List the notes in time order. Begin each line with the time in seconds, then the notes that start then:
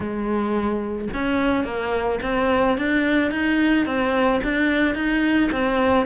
0.00 G#3
1.13 C#4
1.64 A#3
2.22 C4
2.77 D4
3.31 D#4
3.86 C4
4.43 D4
4.94 D#4
5.51 C4